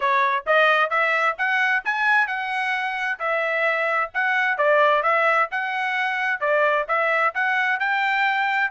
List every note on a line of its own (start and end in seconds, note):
0.00 0.44 C#5
0.46 0.89 D#5
0.89 1.35 E5
1.37 1.83 F#5
1.84 2.27 G#5
2.27 3.19 F#5
3.19 4.10 E5
4.14 4.57 F#5
4.57 5.03 D5
5.03 5.48 E5
5.51 6.40 F#5
6.40 6.86 D5
6.88 7.33 E5
7.34 7.79 F#5
7.79 8.71 G5